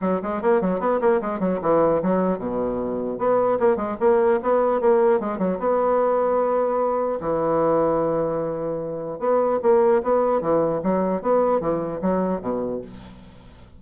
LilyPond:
\new Staff \with { instrumentName = "bassoon" } { \time 4/4 \tempo 4 = 150 fis8 gis8 ais8 fis8 b8 ais8 gis8 fis8 | e4 fis4 b,2 | b4 ais8 gis8 ais4 b4 | ais4 gis8 fis8 b2~ |
b2 e2~ | e2. b4 | ais4 b4 e4 fis4 | b4 e4 fis4 b,4 | }